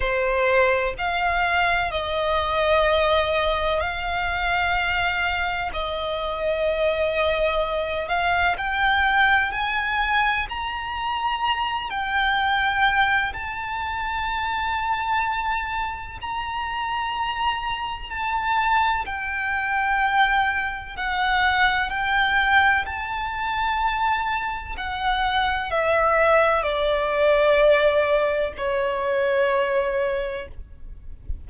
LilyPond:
\new Staff \with { instrumentName = "violin" } { \time 4/4 \tempo 4 = 63 c''4 f''4 dis''2 | f''2 dis''2~ | dis''8 f''8 g''4 gis''4 ais''4~ | ais''8 g''4. a''2~ |
a''4 ais''2 a''4 | g''2 fis''4 g''4 | a''2 fis''4 e''4 | d''2 cis''2 | }